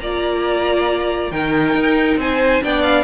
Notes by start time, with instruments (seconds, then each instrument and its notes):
0.00 cello A#3, viola F4, violin D5 A#5
1.31 cello D#3, viola D#4, violin A#4 G5
1.75 cello D#4
2.17 cello C4, violin C5 G#5
2.62 cello B3, viola D4, violin D5 G5
2.83 violin F5